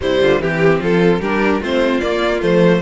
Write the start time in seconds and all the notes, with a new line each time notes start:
0.00 C3 G3 E4 C5
0.21 D3 F4
0.40 E3 C4 G4
0.80 F3 F4 A4
1.20 G3 D4 G4 A#4
1.61 A3 C4 F4 C5
2.00 A#3 D5
2.40 F3 A3 C5